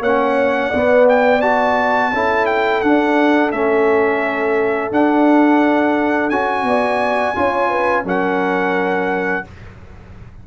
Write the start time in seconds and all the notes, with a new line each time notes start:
0.00 A#3 C#4 C#5 F#5
0.70 B3 D5
1.09 G5
1.41 F#4 A5
2.12 C#4 E4 A4
2.46 G5
2.81 D4 F#5
3.51 A3 C#4 E5
4.91 D4 F#5
6.29 C#4 F#4 G#5
6.63 B3 D5
7.35 C#4 F4 C#5
7.69 B4
8.04 F#3 C#4 A#4 F#5